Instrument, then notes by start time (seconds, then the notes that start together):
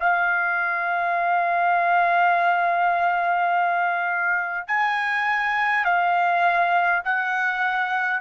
trumpet
0.00 F5
4.68 G#5
5.85 F5
7.04 F#5